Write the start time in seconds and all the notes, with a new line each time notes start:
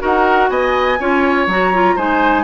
0.00 D#4 F#4 A#4 F#5
0.50 B3 D#5 G#5
1.00 C#4 F4 C#5
1.47 F#3 F#4 A#5
1.74 F4
1.96 G#3 D#4 C5 G#5